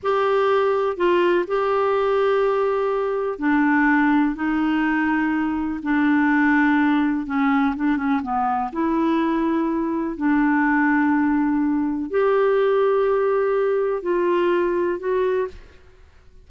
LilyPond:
\new Staff \with { instrumentName = "clarinet" } { \time 4/4 \tempo 4 = 124 g'2 f'4 g'4~ | g'2. d'4~ | d'4 dis'2. | d'2. cis'4 |
d'8 cis'8 b4 e'2~ | e'4 d'2.~ | d'4 g'2.~ | g'4 f'2 fis'4 | }